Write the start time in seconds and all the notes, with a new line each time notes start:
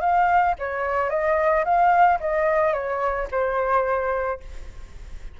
0.00 F5
0.59 C#5
1.09 D#5
1.64 F5
2.20 D#5
2.73 C#5
3.31 C5